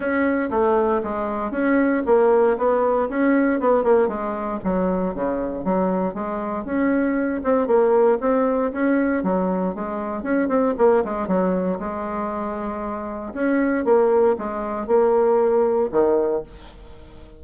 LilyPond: \new Staff \with { instrumentName = "bassoon" } { \time 4/4 \tempo 4 = 117 cis'4 a4 gis4 cis'4 | ais4 b4 cis'4 b8 ais8 | gis4 fis4 cis4 fis4 | gis4 cis'4. c'8 ais4 |
c'4 cis'4 fis4 gis4 | cis'8 c'8 ais8 gis8 fis4 gis4~ | gis2 cis'4 ais4 | gis4 ais2 dis4 | }